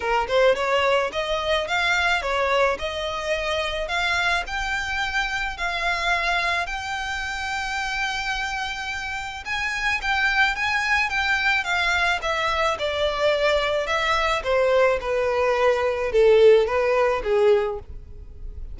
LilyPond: \new Staff \with { instrumentName = "violin" } { \time 4/4 \tempo 4 = 108 ais'8 c''8 cis''4 dis''4 f''4 | cis''4 dis''2 f''4 | g''2 f''2 | g''1~ |
g''4 gis''4 g''4 gis''4 | g''4 f''4 e''4 d''4~ | d''4 e''4 c''4 b'4~ | b'4 a'4 b'4 gis'4 | }